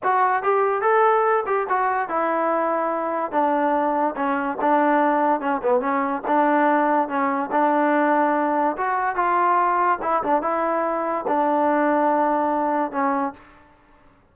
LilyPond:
\new Staff \with { instrumentName = "trombone" } { \time 4/4 \tempo 4 = 144 fis'4 g'4 a'4. g'8 | fis'4 e'2. | d'2 cis'4 d'4~ | d'4 cis'8 b8 cis'4 d'4~ |
d'4 cis'4 d'2~ | d'4 fis'4 f'2 | e'8 d'8 e'2 d'4~ | d'2. cis'4 | }